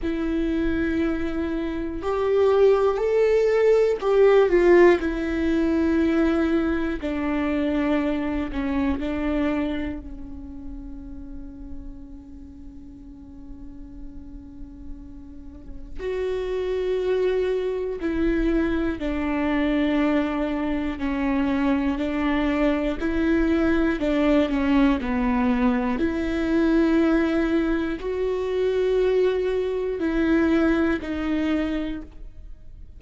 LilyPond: \new Staff \with { instrumentName = "viola" } { \time 4/4 \tempo 4 = 60 e'2 g'4 a'4 | g'8 f'8 e'2 d'4~ | d'8 cis'8 d'4 cis'2~ | cis'1 |
fis'2 e'4 d'4~ | d'4 cis'4 d'4 e'4 | d'8 cis'8 b4 e'2 | fis'2 e'4 dis'4 | }